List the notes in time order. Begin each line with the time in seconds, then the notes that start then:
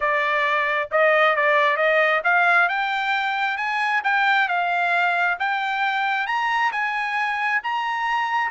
0.00 D5
0.91 D#5
1.36 D5
1.76 D#5
2.24 F5
2.68 G5
3.57 G#5
4.04 G5
4.48 F5
5.39 G5
6.26 A#5
6.72 G#5
7.63 A#5